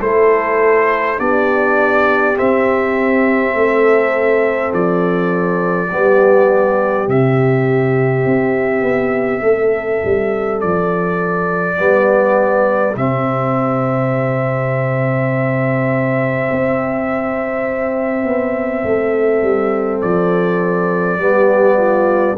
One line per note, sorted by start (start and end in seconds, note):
0.00 1.18 A3
0.00 1.18 E4
0.00 1.20 A4
0.00 1.19 C5
1.18 2.37 B3
1.18 2.34 D4
1.18 3.55 G4
1.18 2.37 D5
2.34 5.87 C4
2.34 3.54 C4
2.34 4.73 E5
3.54 4.71 A3
3.54 5.90 A4
4.73 5.90 F3
4.73 7.09 D5
5.90 7.07 G3
5.90 7.07 B3
5.90 9.43 G4
7.07 8.25 C3
7.07 11.76 C4
7.07 10.60 E5
8.25 8.81 C4
8.81 9.40 B3
9.41 10.00 A3
9.41 11.77 A4
10.04 10.62 G3
10.60 11.79 F3
10.60 12.96 D5
11.76 12.96 G3
11.76 12.94 B3
11.76 18.83 G4
12.96 16.49 C3
12.96 21.19 C4
12.96 20.01 E5
16.51 18.24 C4
18.24 18.83 B3
18.83 19.42 A3
18.83 21.22 A4
19.42 20.00 G3
20.01 21.18 F3
20.01 22.37 D5
21.18 22.36 G3
21.18 22.36 B3
21.24 21.76 G4
21.76 22.35 F4